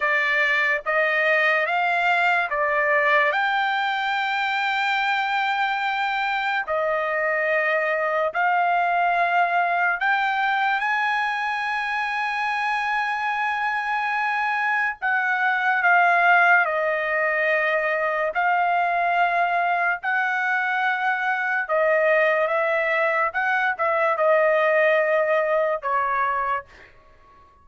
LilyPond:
\new Staff \with { instrumentName = "trumpet" } { \time 4/4 \tempo 4 = 72 d''4 dis''4 f''4 d''4 | g''1 | dis''2 f''2 | g''4 gis''2.~ |
gis''2 fis''4 f''4 | dis''2 f''2 | fis''2 dis''4 e''4 | fis''8 e''8 dis''2 cis''4 | }